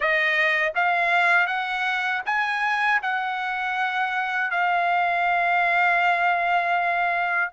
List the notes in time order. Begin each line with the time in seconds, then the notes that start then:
0.00 D#5
0.75 F5
1.47 F#5
2.25 G#5
3.02 F#5
4.50 F5